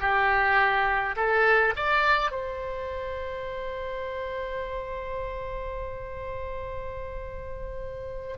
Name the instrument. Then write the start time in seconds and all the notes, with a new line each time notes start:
oboe
0.00 G4
1.16 A4
1.76 D5
2.31 C5